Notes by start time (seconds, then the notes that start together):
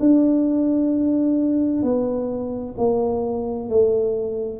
0.00 D4
1.83 B3
2.77 A#3
3.69 A3